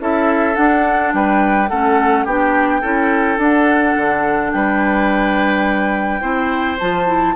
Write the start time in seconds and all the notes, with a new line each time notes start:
0.00 C#4 E4 A4 E5
0.54 D4 F#5
1.14 G3 B4 G5
1.69 A3 C#4 A4 F#5
2.25 B3 D4 G4 G5
2.81 C#4 E4 A4
3.38 D4 F#5
3.97 D3
4.52 G3 B4 G5
6.21 C4 E4 C5
6.79 F3 F4 A5
7.07 E4